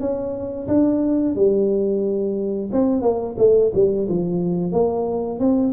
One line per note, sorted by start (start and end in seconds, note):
0.00 0.67 C#4
0.68 1.35 D4
1.35 2.70 G3
2.72 3.02 C4
3.02 3.35 A#3
3.38 3.72 A3
3.74 4.08 G3
4.08 4.72 F3
4.72 5.39 A#3
5.39 5.73 C4